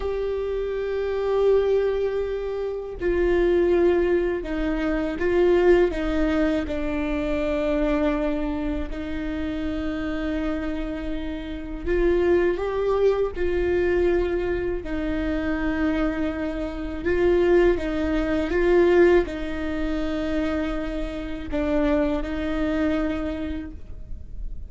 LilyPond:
\new Staff \with { instrumentName = "viola" } { \time 4/4 \tempo 4 = 81 g'1 | f'2 dis'4 f'4 | dis'4 d'2. | dis'1 |
f'4 g'4 f'2 | dis'2. f'4 | dis'4 f'4 dis'2~ | dis'4 d'4 dis'2 | }